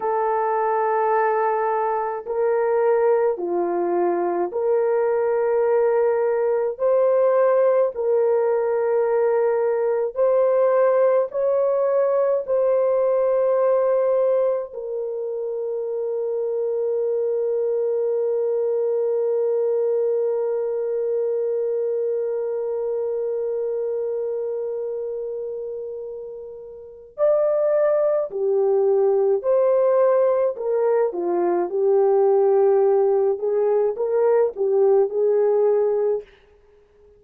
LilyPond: \new Staff \with { instrumentName = "horn" } { \time 4/4 \tempo 4 = 53 a'2 ais'4 f'4 | ais'2 c''4 ais'4~ | ais'4 c''4 cis''4 c''4~ | c''4 ais'2.~ |
ais'1~ | ais'1 | d''4 g'4 c''4 ais'8 f'8 | g'4. gis'8 ais'8 g'8 gis'4 | }